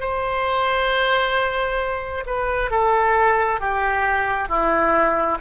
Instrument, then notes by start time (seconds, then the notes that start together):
oboe
0.00 C5
2.26 B4
2.71 A4
3.60 G4
4.48 E4